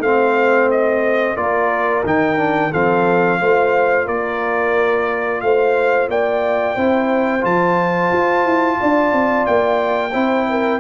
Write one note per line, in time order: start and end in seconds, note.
0.00 1.35 A3
0.00 1.37 C4
0.00 1.38 C5
0.00 0.70 F5
0.71 1.37 D#5
1.37 2.04 A#3
1.37 2.04 F4
1.37 2.71 A#4
1.37 2.04 D5
2.05 2.73 D#3
2.05 2.38 D#4
2.05 2.73 G5
2.38 2.71 D4
2.71 3.41 F3
2.71 3.41 C4
2.71 3.39 A4
2.71 4.08 F5
3.41 4.08 A3
3.41 6.77 F4
3.41 4.06 C5
4.06 5.43 A#3
4.06 5.41 A#4
4.06 5.41 D5
5.41 6.09 A3
5.41 6.11 C5
5.41 6.09 F5
6.09 6.76 A#3
6.09 6.75 D5
6.09 7.45 G5
6.75 7.44 C4
6.75 7.41 E4
6.75 8.78 C5
7.41 8.12 F3
7.41 10.11 F4
7.41 9.46 A5
8.12 8.44 F4
8.44 8.78 E4
8.80 9.13 D4
8.80 10.12 D5
9.13 9.47 C4
9.46 10.15 A#3
9.46 10.80 G5
10.12 10.80 C4
10.12 10.80 E4
10.12 10.46 C5
10.49 10.80 A#4